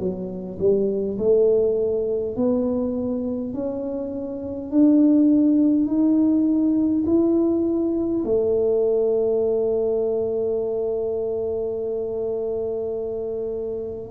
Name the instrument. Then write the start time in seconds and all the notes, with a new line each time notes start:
tuba
0.00 F#3
0.59 G3
1.19 A3
2.36 B3
3.55 C#4
4.72 D4
5.87 D#4
7.06 E4
8.25 A3